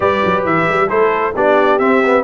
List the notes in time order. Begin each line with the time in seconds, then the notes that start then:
0.00 G3 G4 B4 D5
0.25 F#3
0.44 E3 E5
0.68 G3
0.87 A3 E4 A4 C5
1.35 B3 D4 G4 D5
1.78 C4 E5
2.05 B3